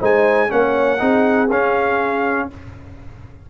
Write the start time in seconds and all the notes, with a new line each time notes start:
0.00 G#3 D#4 C5 G#5
0.49 A#3 C#4 C#5 F#5
0.99 C4 D#4 G#4
1.51 C#4 F5